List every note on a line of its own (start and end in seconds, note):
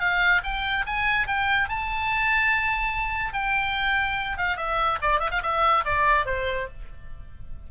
0.00 0.42 F5
0.44 0.85 G5
0.86 1.27 G#5
1.27 1.69 G5
1.69 3.33 A5
3.33 4.37 G5
4.37 4.57 F5
4.57 4.98 E5
5.01 5.20 D5
5.20 5.30 E5
5.31 5.42 F5
5.43 5.84 E5
5.85 6.25 D5
6.25 6.67 C5